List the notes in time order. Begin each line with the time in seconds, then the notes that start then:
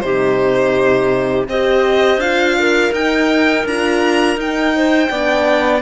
0.00 C3 D#4 G4 C5
1.48 C4 G4 C5 D#5
2.17 D4 F4 F5
2.59 A#4
2.92 D#4 G5
3.65 D4 F4 A#5
4.36 D#4 G5
4.76 C5
5.10 B3 D4 D5